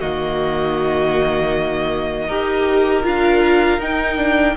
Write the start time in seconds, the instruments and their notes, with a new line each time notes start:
0.00 cello D#3, viola A#3, violin F#4 D#5
2.28 cello D#4, viola G4, violin A#4
3.03 cello D4, viola F4, violin F5
3.78 cello D#4, viola D#4, violin G5
4.17 viola D4